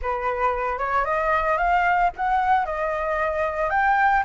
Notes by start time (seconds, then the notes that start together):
0.01 B4
0.78 C#5
1.05 D#5
1.57 F5
2.16 F#5
2.65 D#5
3.70 G5